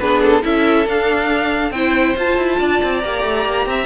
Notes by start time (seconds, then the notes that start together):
0.00 B3 D4 G#4 B4
0.23 A4
0.42 C#4 E4 A4 E5
0.85 D4 F5
1.71 C4 E4 C5 G5
2.16 F4 A5
2.37 E4
2.59 D4 D5
2.83 C4
3.01 A#3 G4 A#5
3.24 A3
3.45 A#3
3.66 C4 E5